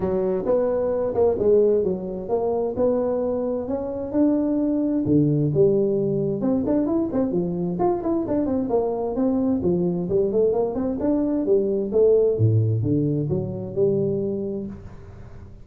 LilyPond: \new Staff \with { instrumentName = "tuba" } { \time 4/4 \tempo 4 = 131 fis4 b4. ais8 gis4 | fis4 ais4 b2 | cis'4 d'2 d4 | g2 c'8 d'8 e'8 c'8 |
f4 f'8 e'8 d'8 c'8 ais4 | c'4 f4 g8 a8 ais8 c'8 | d'4 g4 a4 a,4 | d4 fis4 g2 | }